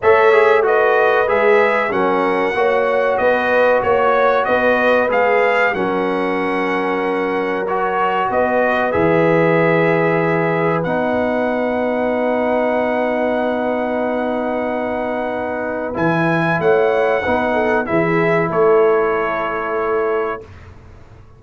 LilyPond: <<
  \new Staff \with { instrumentName = "trumpet" } { \time 4/4 \tempo 4 = 94 e''4 dis''4 e''4 fis''4~ | fis''4 dis''4 cis''4 dis''4 | f''4 fis''2. | cis''4 dis''4 e''2~ |
e''4 fis''2.~ | fis''1~ | fis''4 gis''4 fis''2 | e''4 cis''2. | }
  \new Staff \with { instrumentName = "horn" } { \time 4/4 cis''4 b'2 ais'4 | cis''4 b'4 cis''4 b'4~ | b'4 ais'2.~ | ais'4 b'2.~ |
b'1~ | b'1~ | b'2 cis''4 b'8 a'8 | gis'4 a'2. | }
  \new Staff \with { instrumentName = "trombone" } { \time 4/4 a'8 gis'8 fis'4 gis'4 cis'4 | fis'1 | gis'4 cis'2. | fis'2 gis'2~ |
gis'4 dis'2.~ | dis'1~ | dis'4 e'2 dis'4 | e'1 | }
  \new Staff \with { instrumentName = "tuba" } { \time 4/4 a2 gis4 fis4 | ais4 b4 ais4 b4 | gis4 fis2.~ | fis4 b4 e2~ |
e4 b2.~ | b1~ | b4 e4 a4 b4 | e4 a2. | }
>>